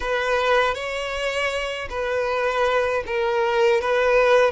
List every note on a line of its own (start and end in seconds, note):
0.00 0.74 B4
0.74 1.88 C#5
1.89 3.03 B4
3.06 3.81 A#4
3.81 4.51 B4